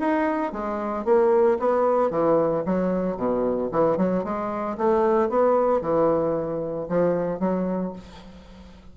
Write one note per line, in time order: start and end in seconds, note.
0.00 0.53 D#4
0.53 1.05 G#3
1.05 1.59 A#3
1.60 2.11 B3
2.11 2.64 E3
2.66 3.17 F#3
3.17 3.70 B2
3.72 3.98 E3
3.98 4.24 F#3
4.25 4.78 G#3
4.78 5.30 A3
5.30 5.82 B3
5.82 6.88 E3
6.89 7.40 F3
7.40 7.93 F#3